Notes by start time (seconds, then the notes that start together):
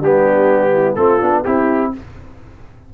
0.00 G3 B3 D4 G4
0.73 E4
0.95 A3 C4 F4 A4
1.21 B3 D4
1.44 C4 E4 G4